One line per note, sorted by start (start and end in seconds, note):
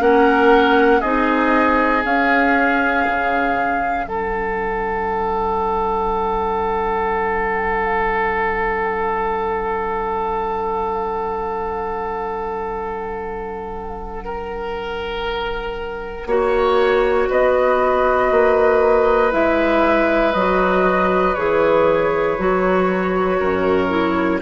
0.00 1.02 A#3
0.00 1.02 C#4
0.00 1.01 A#4
0.00 1.01 F#5
1.01 2.05 C4
1.01 2.03 D#4
1.01 4.06 G#4
1.01 2.03 D#5
2.03 16.26 C#4
2.03 3.07 C#4
2.03 4.08 F5
3.07 4.07 C#3
4.07 16.26 F#3
4.07 14.25 A4
4.07 17.30 F#5
14.25 16.28 A#4
16.26 17.28 A#3
16.26 19.32 F#4
16.26 17.30 C#5
17.30 18.32 B3
17.30 23.40 B4
17.30 19.33 D#5
18.32 19.33 A#3
19.32 20.35 G#3
19.32 20.34 E4
19.32 20.34 E5
20.34 21.36 F#3
20.34 21.37 F#4
20.34 21.35 D#5
21.35 22.39 E3
21.35 22.39 G#4
21.35 24.40 C#5
22.39 23.41 F#3
22.39 23.89 F#4
23.40 24.42 F#2
23.40 24.42 A#4
23.89 24.40 E4